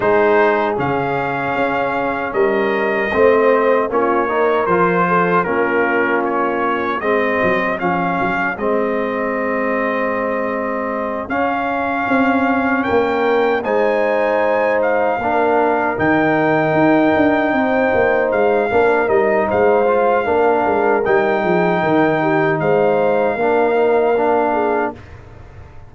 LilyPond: <<
  \new Staff \with { instrumentName = "trumpet" } { \time 4/4 \tempo 4 = 77 c''4 f''2 dis''4~ | dis''4 cis''4 c''4 ais'4 | cis''4 dis''4 f''4 dis''4~ | dis''2~ dis''8 f''4.~ |
f''8 g''4 gis''4. f''4~ | f''8 g''2. f''8~ | f''8 dis''8 f''2 g''4~ | g''4 f''2. | }
  \new Staff \with { instrumentName = "horn" } { \time 4/4 gis'2. ais'4 | c''4 f'8 ais'4 a'8 f'4~ | f'4 gis'2.~ | gis'1~ |
gis'8 ais'4 c''2 ais'8~ | ais'2~ ais'8 c''4. | ais'4 c''4 ais'4. gis'8 | ais'8 g'8 c''4 ais'4. gis'8 | }
  \new Staff \with { instrumentName = "trombone" } { \time 4/4 dis'4 cis'2. | c'4 cis'8 dis'8 f'4 cis'4~ | cis'4 c'4 cis'4 c'4~ | c'2~ c'8 cis'4.~ |
cis'4. dis'2 d'8~ | d'8 dis'2.~ dis'8 | d'8 dis'4 f'8 d'4 dis'4~ | dis'2 d'8 dis'8 d'4 | }
  \new Staff \with { instrumentName = "tuba" } { \time 4/4 gis4 cis4 cis'4 g4 | a4 ais4 f4 ais4~ | ais4 gis8 fis8 f8 fis8 gis4~ | gis2~ gis8 cis'4 c'8~ |
c'8 ais4 gis2 ais8~ | ais8 dis4 dis'8 d'8 c'8 ais8 gis8 | ais8 g8 gis4 ais8 gis8 g8 f8 | dis4 gis4 ais2 | }
>>